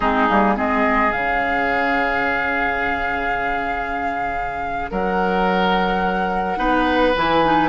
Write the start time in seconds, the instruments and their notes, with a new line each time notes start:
0.00 bassoon G#3, clarinet C4, oboe D#4, flute G#4
0.29 bassoon G3, clarinet A#3
0.56 bassoon G#3, clarinet C4, oboe G#4, flute D#5
1.12 bassoon C#3, clarinet C#4, flute F5
4.90 bassoon F#3, oboe A#4, flute F#5
6.56 bassoon B3, clarinet D#4, oboe B4
7.16 bassoon E3, clarinet E4, flute G#5
7.45 clarinet D#4